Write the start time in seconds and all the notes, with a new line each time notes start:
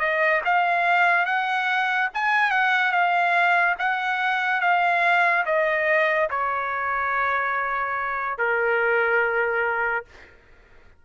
0.00 D#5
0.45 F5
1.26 F#5
2.14 G#5
2.51 F#5
2.92 F5
3.79 F#5
4.61 F5
5.46 D#5
6.30 C#5
8.39 A#4